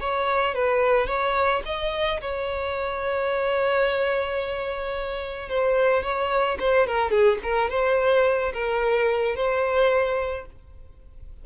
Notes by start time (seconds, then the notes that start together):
0.00 C#5
0.55 B4
1.07 C#5
1.66 D#5
2.21 C#5
5.49 C5
6.03 C#5
6.60 C5
6.87 A#4
7.11 G#4
7.43 A#4
7.70 C5
8.54 A#4
9.36 C5